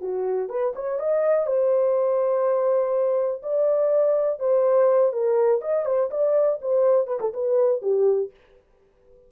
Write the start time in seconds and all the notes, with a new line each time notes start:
0.00 F#4
0.49 B4
0.75 C#5
0.99 D#5
1.46 C5
3.42 D5
4.39 C5
5.12 A#4
5.61 D#5
5.85 C5
6.10 D5
6.61 C5
7.06 B4
7.20 A4
7.33 B4
7.81 G4